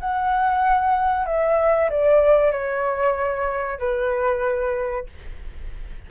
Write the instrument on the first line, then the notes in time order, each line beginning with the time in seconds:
flute
0.00 F#5
1.26 E5
1.90 D5
2.52 C#5
3.79 B4